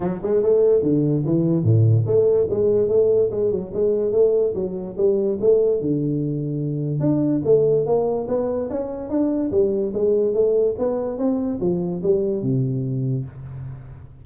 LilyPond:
\new Staff \with { instrumentName = "tuba" } { \time 4/4 \tempo 4 = 145 fis8 gis8 a4 d4 e4 | a,4 a4 gis4 a4 | gis8 fis8 gis4 a4 fis4 | g4 a4 d2~ |
d4 d'4 a4 ais4 | b4 cis'4 d'4 g4 | gis4 a4 b4 c'4 | f4 g4 c2 | }